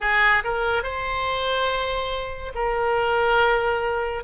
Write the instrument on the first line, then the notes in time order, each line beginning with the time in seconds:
oboe
0.00 G#4
0.43 A#4
0.83 C5
2.54 A#4